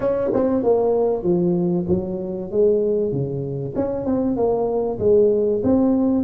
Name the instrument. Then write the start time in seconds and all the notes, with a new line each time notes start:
tuba
0.00 C#4
0.33 C4
0.63 A#3
1.23 F3
1.88 F#3
2.51 G#3
3.11 C#3
3.75 C#4
4.05 C4
4.36 A#3
4.99 G#3
5.63 C4